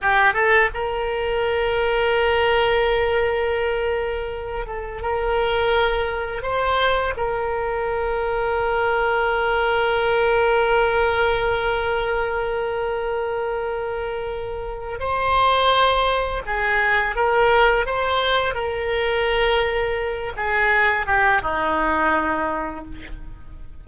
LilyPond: \new Staff \with { instrumentName = "oboe" } { \time 4/4 \tempo 4 = 84 g'8 a'8 ais'2.~ | ais'2~ ais'8 a'8 ais'4~ | ais'4 c''4 ais'2~ | ais'1~ |
ais'1~ | ais'4 c''2 gis'4 | ais'4 c''4 ais'2~ | ais'8 gis'4 g'8 dis'2 | }